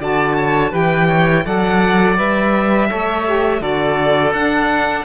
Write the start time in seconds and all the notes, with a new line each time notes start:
0.00 D3 F#4 D5 A5
0.37 C#5
0.70 E3 G4 B4 G5
1.08 C#5
1.45 F#3 A4 D5 F#5
2.17 G3 B4 E5
2.88 A3 A4 C#5
3.25 G4
3.60 D3 F#4 A4 D5
4.33 D4 F#5